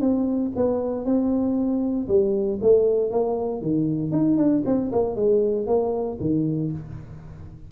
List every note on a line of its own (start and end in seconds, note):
0.00 0.51 C4
0.55 1.05 B3
1.05 2.07 C4
2.07 2.59 G3
2.61 3.10 A3
3.10 3.61 A#3
3.61 4.11 D#3
4.11 4.37 D#4
4.37 4.62 D4
4.65 4.91 C4
4.91 5.15 A#3
5.15 5.66 G#3
5.66 6.18 A#3
6.20 6.71 D#3